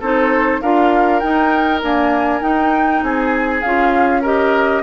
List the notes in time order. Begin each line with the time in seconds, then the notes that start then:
0.00 C4 D#4 A4 C5
0.62 D4 F4 A#4 F5
1.19 D#4 G5
1.82 A#3 D4 G#5
2.41 D#4 G5
3.02 C4 G#4 G#5
3.62 C#4 F4 F5
4.21 G4 A#4 D#5